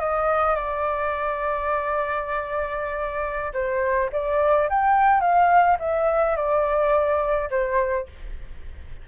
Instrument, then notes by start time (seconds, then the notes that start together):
flute
0.00 D#5
0.56 D5
3.54 C5
4.12 D5
4.70 G5
5.21 F5
5.80 E5
6.36 D5
7.50 C5